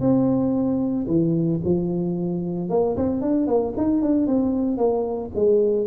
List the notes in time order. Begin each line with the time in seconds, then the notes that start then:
0.00 C4
1.07 E3
1.64 F3
2.69 A#3
2.96 C4
3.21 D4
3.46 A#3
3.76 D#4
4.01 D4
4.27 C4
4.77 A#3
5.35 G#3